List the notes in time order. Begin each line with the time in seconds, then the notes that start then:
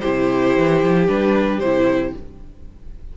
0.00 C3 E4 G4 C5
0.57 E3
0.83 F3
1.08 G3 D4 B4
1.60 C3 E4 C5